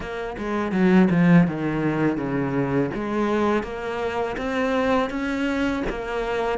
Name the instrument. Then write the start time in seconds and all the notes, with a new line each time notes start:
cello
0.00 A#3
0.38 G#3
0.72 F#3
1.10 F3
1.47 D#3
2.17 C#3
2.94 G#3
3.63 A#3
4.37 C4
5.10 C#4
5.89 A#3